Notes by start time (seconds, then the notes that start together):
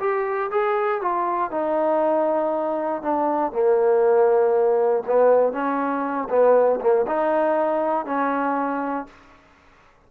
0.00 G4
0.51 G#4
1.02 F4
1.51 D#4
3.02 D4
3.52 A#3
5.07 B3
5.53 C#4
6.30 B3
6.81 A#3
7.07 D#4
8.06 C#4